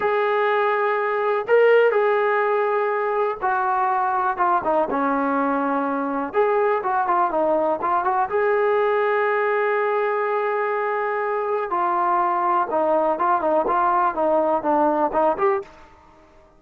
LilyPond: \new Staff \with { instrumentName = "trombone" } { \time 4/4 \tempo 4 = 123 gis'2. ais'4 | gis'2. fis'4~ | fis'4 f'8 dis'8 cis'2~ | cis'4 gis'4 fis'8 f'8 dis'4 |
f'8 fis'8 gis'2.~ | gis'1 | f'2 dis'4 f'8 dis'8 | f'4 dis'4 d'4 dis'8 g'8 | }